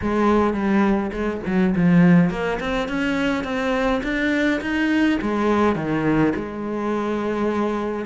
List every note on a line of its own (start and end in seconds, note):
0.01 0.53 G#3
0.53 1.11 G3
1.12 1.41 G#3
1.46 1.74 F#3
1.75 2.30 F3
2.30 2.59 A#3
2.60 2.88 C4
2.88 3.44 C#4
3.44 4.01 C4
4.03 4.60 D4
4.61 5.18 D#4
5.21 5.75 G#3
5.75 6.33 D#3
6.35 8.05 G#3